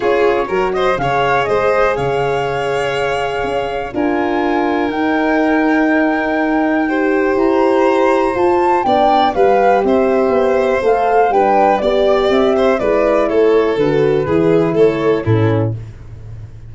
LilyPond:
<<
  \new Staff \with { instrumentName = "flute" } { \time 4/4 \tempo 4 = 122 cis''4. dis''8 f''4 dis''4 | f''1 | gis''2 g''2~ | g''2. ais''4~ |
ais''4 a''4 g''4 f''4 | e''2 f''4 g''4 | d''4 e''4 d''4 cis''4 | b'2 cis''4 a'4 | }
  \new Staff \with { instrumentName = "violin" } { \time 4/4 gis'4 ais'8 c''8 cis''4 c''4 | cis''1 | ais'1~ | ais'2 c''2~ |
c''2 d''4 b'4 | c''2. b'4 | d''4. c''8 b'4 a'4~ | a'4 gis'4 a'4 e'4 | }
  \new Staff \with { instrumentName = "horn" } { \time 4/4 f'4 fis'4 gis'2~ | gis'1 | f'2 dis'2~ | dis'2 g'2~ |
g'4 f'4 d'4 g'4~ | g'2 a'4 d'4 | g'2 e'2 | fis'4 e'2 cis'4 | }
  \new Staff \with { instrumentName = "tuba" } { \time 4/4 cis'4 fis4 cis4 gis4 | cis2. cis'4 | d'2 dis'2~ | dis'2. e'4~ |
e'4 f'4 b4 g4 | c'4 b4 a4 g4 | b4 c'4 gis4 a4 | d4 e4 a4 a,4 | }
>>